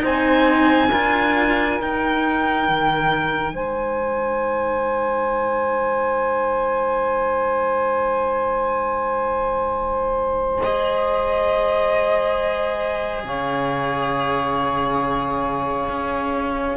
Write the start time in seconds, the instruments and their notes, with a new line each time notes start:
0.00 cello C4 D#4, saxophone C5, violin G#5
0.89 cello D4 F4, saxophone A#4
1.77 cello D#4, violin G5
2.68 cello D#3
3.54 cello G#3, saxophone C5, violin G#5
10.63 cello G#4, violin D#5
13.24 cello C#3, saxophone C#5, violin F5
15.89 cello C#4